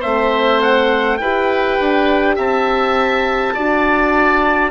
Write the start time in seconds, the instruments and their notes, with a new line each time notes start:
0.00 bassoon A3, horn C4, oboe C5, trumpet E5
0.62 trumpet F#5
1.17 bassoon E4, horn G4, oboe B4, trumpet G5
1.79 bassoon D4
2.36 bassoon C4, oboe E5, trumpet A5
3.54 bassoon D4, horn F#4, oboe D5